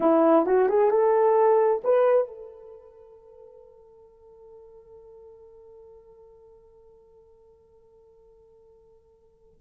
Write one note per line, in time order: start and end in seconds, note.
0.00 0.46 E4
0.46 0.68 F#4
0.68 0.90 G#4
0.90 1.82 A4
1.83 2.27 B4
2.27 9.60 A4